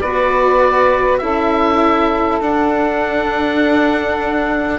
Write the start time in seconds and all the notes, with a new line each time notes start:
0.00 B3 F#4 B4 D5
1.18 C#4 E4 A4 E5
2.41 D4 F#5